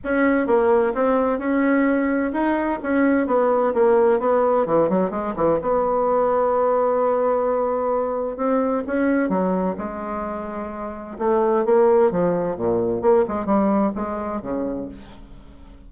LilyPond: \new Staff \with { instrumentName = "bassoon" } { \time 4/4 \tempo 4 = 129 cis'4 ais4 c'4 cis'4~ | cis'4 dis'4 cis'4 b4 | ais4 b4 e8 fis8 gis8 e8 | b1~ |
b2 c'4 cis'4 | fis4 gis2. | a4 ais4 f4 ais,4 | ais8 gis8 g4 gis4 cis4 | }